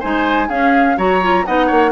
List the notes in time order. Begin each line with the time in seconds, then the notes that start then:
0.00 G#3 D#4 C5 G#5
0.48 C#4 G#4 F5
0.97 F#3 F#4 C#5 A#5
1.22 F4
1.46 B3 D#4 D#5 F#5
1.67 A#3 C#5